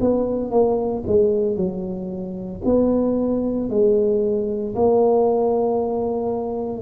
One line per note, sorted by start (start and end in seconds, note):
0.00 0.51 B3
0.51 1.03 A#3
1.07 1.56 G#3
1.56 2.61 F#3
2.65 3.69 B3
3.69 4.75 G#3
4.75 6.82 A#3